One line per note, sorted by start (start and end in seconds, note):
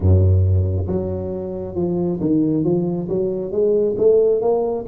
0.00 0.86 F#2
0.87 1.75 F#3
1.75 2.19 F3
2.20 2.64 D#3
2.64 3.08 F3
3.08 3.51 F#3
3.51 3.95 G#3
3.97 4.41 A3
4.41 4.85 A#3